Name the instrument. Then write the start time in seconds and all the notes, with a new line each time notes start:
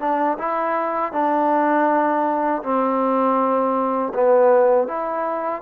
trombone
0.00 D4
0.39 E4
1.12 D4
2.63 C4
4.14 B3
4.88 E4